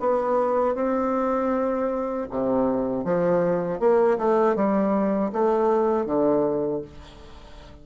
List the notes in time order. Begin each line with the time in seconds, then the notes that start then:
0.00 B3
0.75 C4
2.30 C3
3.04 F3
3.79 A#3
4.18 A3
4.55 G3
5.32 A3
6.05 D3